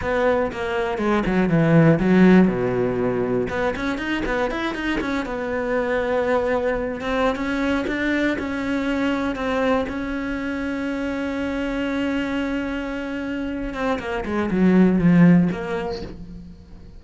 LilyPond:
\new Staff \with { instrumentName = "cello" } { \time 4/4 \tempo 4 = 120 b4 ais4 gis8 fis8 e4 | fis4 b,2 b8 cis'8 | dis'8 b8 e'8 dis'8 cis'8 b4.~ | b2 c'8. cis'4 d'16~ |
d'8. cis'2 c'4 cis'16~ | cis'1~ | cis'2.~ cis'8 c'8 | ais8 gis8 fis4 f4 ais4 | }